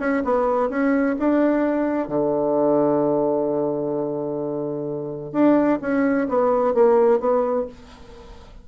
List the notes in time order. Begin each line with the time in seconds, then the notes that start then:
0.00 C#4
0.24 B3
0.70 C#4
1.19 D4
2.09 D3
5.33 D4
5.82 C#4
6.29 B3
6.74 A#3
7.20 B3